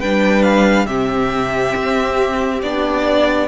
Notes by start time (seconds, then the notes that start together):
0.00 G3 D4 B4 G5
0.43 F5
0.86 C3 C4 G4 E5
1.76 C4
2.62 B3 D4 D5